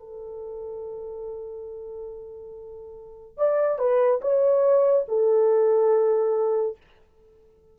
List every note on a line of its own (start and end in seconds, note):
0.00 3.38 A4
3.38 3.79 D5
3.79 4.21 B4
4.22 5.06 C#5
5.09 6.78 A4